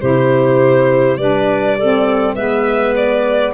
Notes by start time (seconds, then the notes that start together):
0.00 C3 E4 G4 C5
1.17 G3 D4 B4 D5
1.78 C4 A4
2.35 G#3 B3 B4 E5
2.96 D5